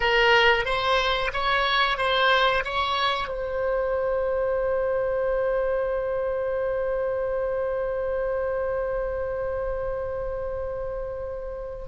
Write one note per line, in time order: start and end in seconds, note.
0.00 0.65 A#4
0.65 1.31 C5
1.33 1.98 C#5
1.98 2.63 C5
2.64 3.28 C#5
3.28 11.85 C5